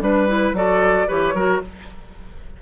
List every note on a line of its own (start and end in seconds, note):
0.00 0.53 G3
0.00 0.27 D4
0.00 0.56 B4
0.27 0.54 E4
0.53 1.06 F#3
0.53 1.07 F#4
0.53 1.07 A4
0.53 1.09 D5
1.07 1.34 E3
1.07 1.34 G4
1.07 1.34 B4
1.07 1.62 C#5
1.34 1.60 F#3
1.34 1.62 F#4
1.34 1.61 A#4